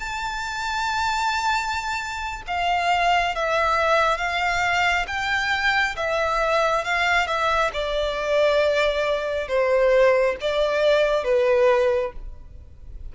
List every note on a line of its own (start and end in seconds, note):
0.00 2.43 A5
2.47 3.36 F5
3.36 4.18 E5
4.18 5.07 F5
5.08 5.96 G5
5.97 6.85 E5
6.85 7.27 F5
7.27 7.71 E5
7.74 9.49 D5
9.49 10.37 C5
10.42 11.25 D5
11.25 12.13 B4